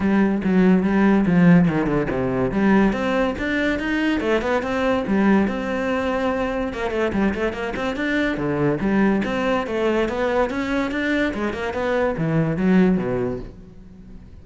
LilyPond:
\new Staff \with { instrumentName = "cello" } { \time 4/4 \tempo 4 = 143 g4 fis4 g4 f4 | dis8 d8 c4 g4 c'4 | d'4 dis'4 a8 b8 c'4 | g4 c'2. |
ais8 a8 g8 a8 ais8 c'8 d'4 | d4 g4 c'4 a4 | b4 cis'4 d'4 gis8 ais8 | b4 e4 fis4 b,4 | }